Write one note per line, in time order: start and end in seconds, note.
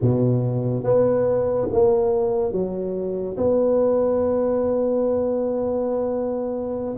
0.01 0.83 B2
0.83 1.68 B3
1.71 2.52 A#3
2.52 3.36 F#3
3.36 6.96 B3